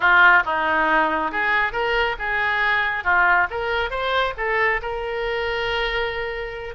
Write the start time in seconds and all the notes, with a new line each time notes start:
0.00 F4
0.45 D#4
1.31 G#4
1.72 A#4
2.18 G#4
3.03 F4
3.50 A#4
3.90 C5
4.37 A4
4.82 A#4